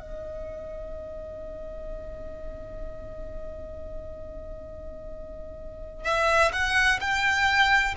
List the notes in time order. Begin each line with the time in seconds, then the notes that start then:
0.00 D#5
6.05 E5
6.53 F#5
7.01 G5